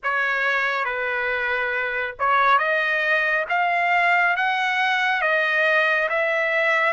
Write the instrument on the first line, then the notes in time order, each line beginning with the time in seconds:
trumpet
0.03 C#5
0.84 B4
2.19 C#5
2.58 D#5
3.49 F5
4.36 F#5
5.21 D#5
6.09 E5